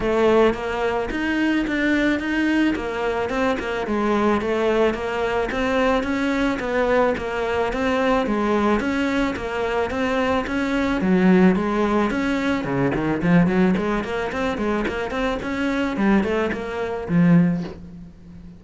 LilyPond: \new Staff \with { instrumentName = "cello" } { \time 4/4 \tempo 4 = 109 a4 ais4 dis'4 d'4 | dis'4 ais4 c'8 ais8 gis4 | a4 ais4 c'4 cis'4 | b4 ais4 c'4 gis4 |
cis'4 ais4 c'4 cis'4 | fis4 gis4 cis'4 cis8 dis8 | f8 fis8 gis8 ais8 c'8 gis8 ais8 c'8 | cis'4 g8 a8 ais4 f4 | }